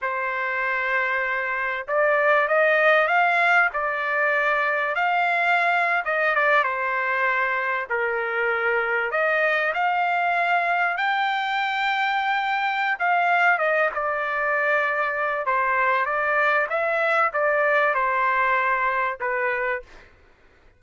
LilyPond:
\new Staff \with { instrumentName = "trumpet" } { \time 4/4 \tempo 4 = 97 c''2. d''4 | dis''4 f''4 d''2 | f''4.~ f''16 dis''8 d''8 c''4~ c''16~ | c''8. ais'2 dis''4 f''16~ |
f''4.~ f''16 g''2~ g''16~ | g''4 f''4 dis''8 d''4.~ | d''4 c''4 d''4 e''4 | d''4 c''2 b'4 | }